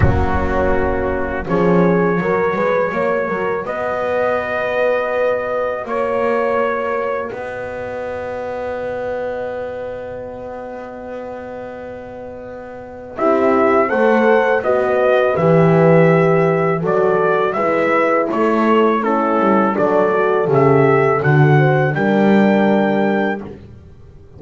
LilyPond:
<<
  \new Staff \with { instrumentName = "trumpet" } { \time 4/4 \tempo 4 = 82 fis'2 cis''2~ | cis''4 dis''2. | cis''2 dis''2~ | dis''1~ |
dis''2 e''4 fis''4 | dis''4 e''2 d''4 | e''4 cis''4 a'4 d''4 | e''4 fis''4 g''2 | }
  \new Staff \with { instrumentName = "horn" } { \time 4/4 cis'2 gis'4 ais'8 b'8 | cis''8 ais'8 b'2. | cis''2 b'2~ | b'1~ |
b'2 g'4 c''4 | b'2. a'4 | b'4 a'4 e'4 a'4~ | a'4. c''8 ais'2 | }
  \new Staff \with { instrumentName = "horn" } { \time 4/4 ais2 cis'4 fis'4~ | fis'1~ | fis'1~ | fis'1~ |
fis'2 e'4 a'4 | fis'4 g'2 fis'4 | e'2 cis'4 d'8 fis'8 | g'4 fis'4 d'2 | }
  \new Staff \with { instrumentName = "double bass" } { \time 4/4 fis2 f4 fis8 gis8 | ais8 fis8 b2. | ais2 b2~ | b1~ |
b2 c'4 a4 | b4 e2 fis4 | gis4 a4. g8 fis4 | cis4 d4 g2 | }
>>